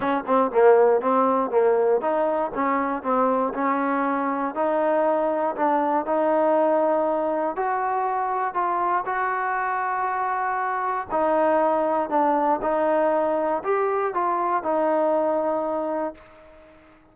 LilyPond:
\new Staff \with { instrumentName = "trombone" } { \time 4/4 \tempo 4 = 119 cis'8 c'8 ais4 c'4 ais4 | dis'4 cis'4 c'4 cis'4~ | cis'4 dis'2 d'4 | dis'2. fis'4~ |
fis'4 f'4 fis'2~ | fis'2 dis'2 | d'4 dis'2 g'4 | f'4 dis'2. | }